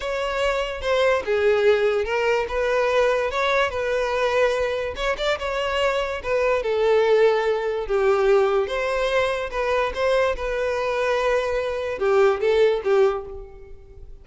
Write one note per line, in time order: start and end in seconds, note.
0.00 0.81 C#5
0.81 1.22 C5
1.25 2.05 G#4
2.05 2.46 A#4
2.48 3.30 B4
3.30 3.70 C#5
3.70 4.94 B4
4.95 5.16 C#5
5.17 5.38 D5
5.38 6.21 C#5
6.23 6.62 B4
6.62 7.86 A4
7.86 8.67 G4
8.67 9.50 C5
9.51 9.92 B4
9.94 10.35 C5
10.35 11.98 B4
11.98 12.40 G4
12.40 12.81 A4
12.84 13.25 G4